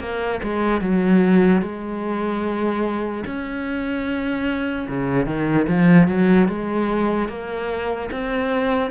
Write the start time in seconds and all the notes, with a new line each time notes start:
0.00 A#3
0.43 G#3
0.81 F#3
1.62 G#3
3.26 C#4
4.89 C#3
5.26 D#3
5.68 F3
6.08 F#3
6.48 G#3
7.29 A#3
8.12 C4